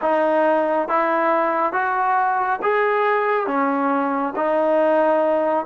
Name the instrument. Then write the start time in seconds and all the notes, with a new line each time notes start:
trombone
0.01 D#4
0.88 E4
1.72 F#4
2.62 G#4
3.46 C#4
4.36 D#4